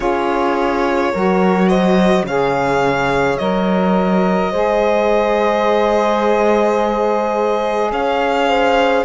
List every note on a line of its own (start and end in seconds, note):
0.00 1.12 C#4
0.00 1.13 F4
0.00 1.12 G#4
0.00 1.68 C#5
1.12 2.23 F#3
1.12 2.27 F#4
1.12 1.69 A#4
1.68 2.25 C5
1.68 2.25 D#5
2.23 3.36 C#3
2.23 3.39 G#4
2.23 4.50 C#5
2.23 3.38 F5
3.38 4.52 F#3
3.38 4.52 A#4
3.38 7.91 D#5
4.50 7.91 G#3
4.50 9.04 G#4
4.50 7.90 C5
7.91 9.04 C#4
7.91 8.48 C#5
7.91 9.04 F5
8.48 9.04 C5